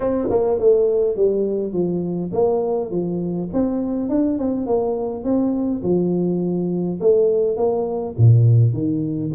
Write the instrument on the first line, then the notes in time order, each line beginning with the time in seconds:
tuba
0.00 C4
0.29 A#3
0.59 A3
1.16 G3
1.73 F3
2.32 A#3
2.90 F3
3.53 C4
4.09 D4
4.38 C4
4.66 A#3
5.24 C4
5.83 F3
7.00 A3
7.56 A#3
8.17 A#2
8.73 D#3